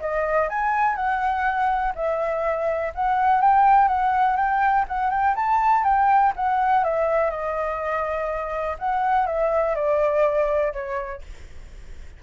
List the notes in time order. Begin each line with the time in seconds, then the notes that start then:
0.00 D#5
0.49 G#5
0.96 F#5
1.95 E5
2.95 F#5
3.41 G5
3.88 F#5
4.37 G5
4.88 F#5
5.11 G5
5.36 A5
5.84 G5
6.36 F#5
6.84 E5
7.31 D#5
8.79 F#5
9.27 E5
9.75 D5
10.73 C#5